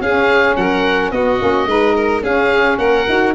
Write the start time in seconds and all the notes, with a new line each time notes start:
0.00 C#4 G#4 F5
0.56 F#3 A#4 F#5
1.11 B3 F#4 D#5
1.39 A#3 C#4
1.66 G#3 D#4 B4
1.95 A#4
2.22 C#4 G#4 F5
2.78 A#3 A#4 F#5
3.06 D#4 F#4